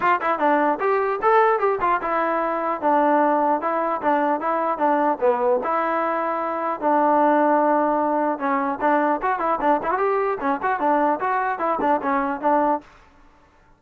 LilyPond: \new Staff \with { instrumentName = "trombone" } { \time 4/4 \tempo 4 = 150 f'8 e'8 d'4 g'4 a'4 | g'8 f'8 e'2 d'4~ | d'4 e'4 d'4 e'4 | d'4 b4 e'2~ |
e'4 d'2.~ | d'4 cis'4 d'4 fis'8 e'8 | d'8 e'16 fis'16 g'4 cis'8 fis'8 d'4 | fis'4 e'8 d'8 cis'4 d'4 | }